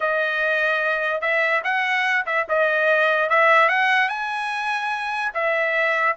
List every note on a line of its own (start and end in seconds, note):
0.00 1.21 D#5
1.21 1.62 E5
1.64 2.25 F#5
2.26 2.46 E5
2.48 3.29 D#5
3.29 3.68 E5
3.68 4.09 F#5
4.09 5.32 G#5
5.33 6.16 E5